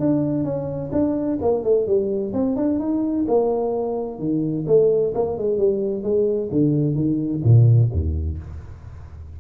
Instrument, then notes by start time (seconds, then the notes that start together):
tuba
0.00 D4
0.44 C#4
0.92 D4
1.42 A#3
1.64 A3
1.87 G3
2.33 C4
2.56 D4
2.79 D#4
3.28 A#3
4.19 D#3
4.67 A3
5.15 A#3
5.38 G#3
5.58 G3
6.03 G#3
6.52 D3
6.96 D#3
7.44 A#2
7.93 D#2